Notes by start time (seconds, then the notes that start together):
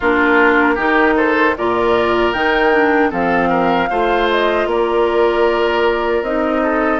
0.00 A#3 D4 F4 A#4
0.75 D#3 D#4 G4
1.16 A4 C5
1.56 A#2 F4 A#4 D5
2.32 D#3 D#4 G5
2.72 D4
3.10 F3 C4 A4 F5
3.49 A#4
3.90 A3 F4 C5
4.30 D#5
4.66 A#3 A#4 D5
6.22 C4 D#4 D#5
6.62 A4